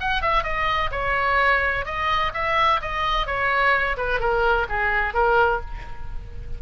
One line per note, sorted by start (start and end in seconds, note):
0.00 0.22 F#5
0.22 0.43 E5
0.43 0.90 D#5
0.91 1.85 C#5
1.85 2.32 D#5
2.34 2.80 E5
2.81 3.26 D#5
3.26 3.97 C#5
3.97 4.20 B4
4.20 4.67 A#4
4.69 5.13 G#4
5.13 5.60 A#4